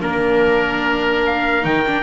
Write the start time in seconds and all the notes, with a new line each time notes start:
0.00 A#3 D4 A#4
1.26 F5
1.62 D#3 D#4 G5
1.87 D4